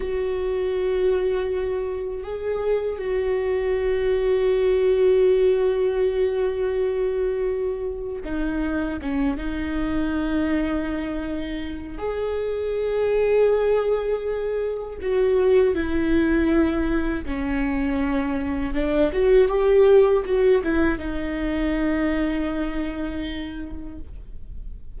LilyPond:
\new Staff \with { instrumentName = "viola" } { \time 4/4 \tempo 4 = 80 fis'2. gis'4 | fis'1~ | fis'2. dis'4 | cis'8 dis'2.~ dis'8 |
gis'1 | fis'4 e'2 cis'4~ | cis'4 d'8 fis'8 g'4 fis'8 e'8 | dis'1 | }